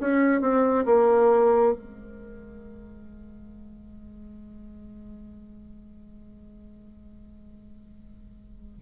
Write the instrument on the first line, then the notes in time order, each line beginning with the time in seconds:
bassoon
0.00 C#4
0.41 C4
0.85 A#3
1.72 G#3